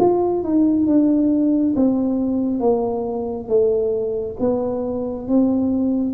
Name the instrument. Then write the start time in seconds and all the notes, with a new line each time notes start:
tuba
0.00 F4
0.43 D#4
0.87 D4
1.76 C4
2.61 A#3
3.49 A3
4.40 B3
5.29 C4